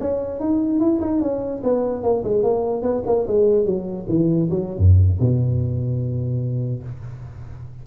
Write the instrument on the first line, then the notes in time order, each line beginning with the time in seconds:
tuba
0.00 C#4
0.40 D#4
0.80 E4
1.01 D#4
1.21 C#4
1.63 B3
2.03 A#3
2.24 G#3
2.43 A#3
2.82 B3
3.06 A#3
3.27 G#3
3.65 F#3
4.08 E3
4.50 F#3
4.78 F#2
5.19 B2